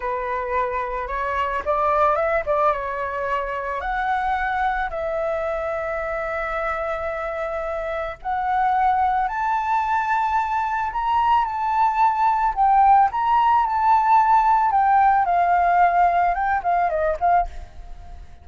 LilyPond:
\new Staff \with { instrumentName = "flute" } { \time 4/4 \tempo 4 = 110 b'2 cis''4 d''4 | e''8 d''8 cis''2 fis''4~ | fis''4 e''2.~ | e''2. fis''4~ |
fis''4 a''2. | ais''4 a''2 g''4 | ais''4 a''2 g''4 | f''2 g''8 f''8 dis''8 f''8 | }